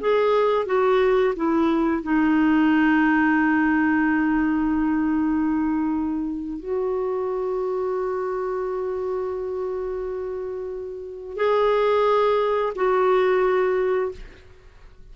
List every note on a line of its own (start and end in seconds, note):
0.00 0.66 G#4
0.66 1.34 F#4
1.35 2.03 E4
2.03 6.59 D#4
6.59 11.36 F#4
11.36 12.73 G#4
12.75 14.11 F#4